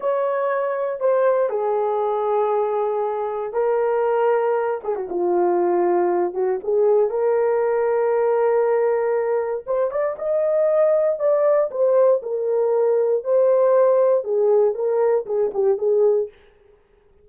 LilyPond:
\new Staff \with { instrumentName = "horn" } { \time 4/4 \tempo 4 = 118 cis''2 c''4 gis'4~ | gis'2. ais'4~ | ais'4. gis'16 fis'16 f'2~ | f'8 fis'8 gis'4 ais'2~ |
ais'2. c''8 d''8 | dis''2 d''4 c''4 | ais'2 c''2 | gis'4 ais'4 gis'8 g'8 gis'4 | }